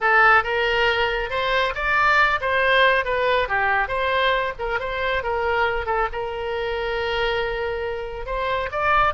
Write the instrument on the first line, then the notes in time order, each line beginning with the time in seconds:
oboe
0.00 A4
0.43 A#4
1.30 C5
1.74 D5
2.41 C5
3.04 B4
3.48 G4
3.88 C5
4.58 A#4
4.79 C5
5.23 A#4
5.86 A4
6.12 A#4
8.26 C5
8.71 D5